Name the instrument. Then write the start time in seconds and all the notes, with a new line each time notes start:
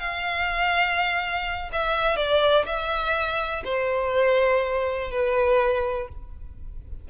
violin
0.00 F5
1.73 E5
2.17 D5
2.66 E5
3.65 C5
5.11 B4